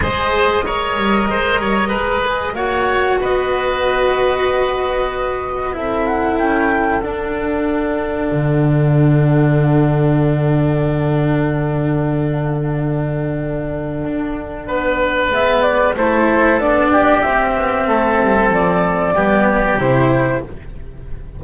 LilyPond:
<<
  \new Staff \with { instrumentName = "flute" } { \time 4/4 \tempo 4 = 94 dis''1 | fis''4 dis''2.~ | dis''4 e''8 fis''8 g''4 fis''4~ | fis''1~ |
fis''1~ | fis''1 | e''8 d''8 c''4 d''4 e''4~ | e''4 d''2 c''4 | }
  \new Staff \with { instrumentName = "oboe" } { \time 4/4 c''4 cis''4 c''8 cis''8 b'4 | cis''4 b'2.~ | b'4 a'2.~ | a'1~ |
a'1~ | a'2. b'4~ | b'4 a'4. g'4. | a'2 g'2 | }
  \new Staff \with { instrumentName = "cello" } { \time 4/4 gis'4 ais'2~ ais'8 gis'8 | fis'1~ | fis'4 e'2 d'4~ | d'1~ |
d'1~ | d'1 | b4 e'4 d'4 c'4~ | c'2 b4 e'4 | }
  \new Staff \with { instrumentName = "double bass" } { \time 4/4 gis4. g8 gis8 g8 gis4 | ais4 b2.~ | b4 c'4 cis'4 d'4~ | d'4 d2.~ |
d1~ | d2 d'4 b4 | gis4 a4 b4 c'8 b8 | a8 g8 f4 g4 c4 | }
>>